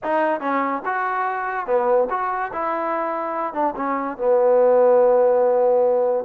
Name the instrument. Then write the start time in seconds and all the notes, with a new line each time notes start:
trombone
0.03 D#4
0.40 C#4
0.85 F#4
1.66 B3
2.09 F#4
2.52 E4
3.53 D4
3.76 C#4
4.17 B3